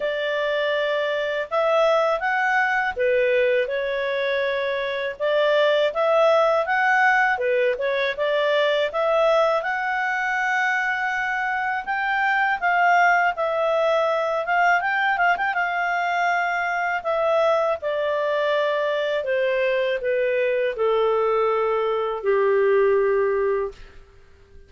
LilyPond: \new Staff \with { instrumentName = "clarinet" } { \time 4/4 \tempo 4 = 81 d''2 e''4 fis''4 | b'4 cis''2 d''4 | e''4 fis''4 b'8 cis''8 d''4 | e''4 fis''2. |
g''4 f''4 e''4. f''8 | g''8 f''16 g''16 f''2 e''4 | d''2 c''4 b'4 | a'2 g'2 | }